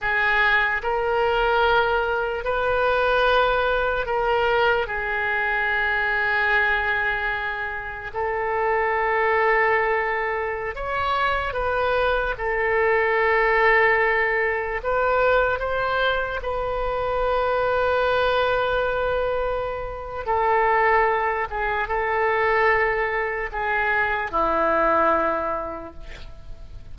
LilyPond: \new Staff \with { instrumentName = "oboe" } { \time 4/4 \tempo 4 = 74 gis'4 ais'2 b'4~ | b'4 ais'4 gis'2~ | gis'2 a'2~ | a'4~ a'16 cis''4 b'4 a'8.~ |
a'2~ a'16 b'4 c''8.~ | c''16 b'2.~ b'8.~ | b'4 a'4. gis'8 a'4~ | a'4 gis'4 e'2 | }